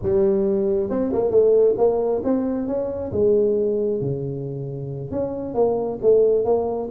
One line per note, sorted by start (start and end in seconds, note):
0.02 0.89 G3
0.89 1.12 C4
1.13 1.31 A#3
1.31 1.75 A3
1.77 2.22 A#3
2.24 2.67 C4
2.67 3.11 C#4
3.12 4.01 G#3
4.01 5.11 C#3
5.11 5.54 C#4
5.54 5.98 A#3
6.02 6.44 A3
6.44 6.89 A#3